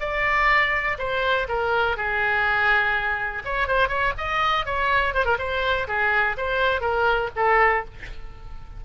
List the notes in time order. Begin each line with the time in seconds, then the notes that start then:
0.00 D5
0.98 C5
1.49 A#4
1.97 G#4
3.45 C#5
3.68 C5
3.88 C#5
4.18 D#5
4.66 C#5
5.14 C5
5.25 A#4
5.39 C5
5.88 G#4
6.37 C5
6.81 A#4
7.36 A4